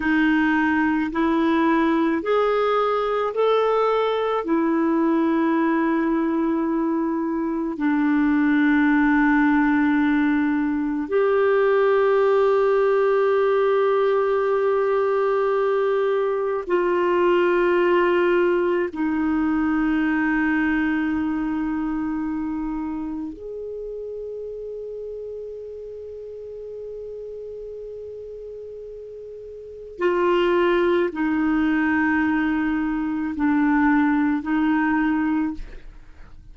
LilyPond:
\new Staff \with { instrumentName = "clarinet" } { \time 4/4 \tempo 4 = 54 dis'4 e'4 gis'4 a'4 | e'2. d'4~ | d'2 g'2~ | g'2. f'4~ |
f'4 dis'2.~ | dis'4 gis'2.~ | gis'2. f'4 | dis'2 d'4 dis'4 | }